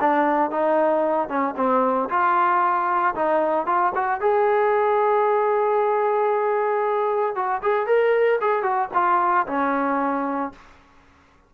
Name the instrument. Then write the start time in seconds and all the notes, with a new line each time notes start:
trombone
0.00 D4
0.50 D#4
1.28 C#4
1.56 C4
2.09 F4
3.15 D#4
3.66 F4
3.95 F#4
4.20 G#4
7.35 F#4
7.62 G#4
7.86 A#4
8.41 G#4
8.62 F#4
8.94 F4
9.47 C#4